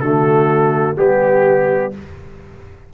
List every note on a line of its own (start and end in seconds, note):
0.00 0.96 D3
0.00 0.96 A3
0.00 0.97 F#4
0.00 0.95 A4
0.96 1.93 G3
0.96 1.91 B3
0.96 1.92 G4
0.96 1.93 G4